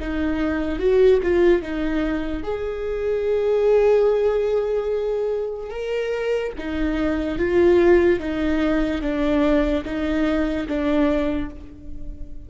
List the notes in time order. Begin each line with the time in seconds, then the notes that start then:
0.00 D#4
0.79 F#4
1.23 F4
1.63 D#4
2.44 G#4
5.70 A#4
6.58 D#4
7.39 F4
8.20 D#4
9.02 D4
9.85 D#4
10.68 D4